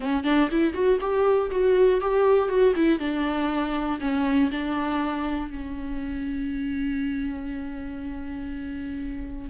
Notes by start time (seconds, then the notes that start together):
0.00 C#4
0.24 D4
0.50 E4
0.73 F#4
1.00 G4
1.50 F#4
2.00 G4
2.48 F#4
2.75 E4
2.99 D4
4.00 C#4
4.51 D4
5.50 C#4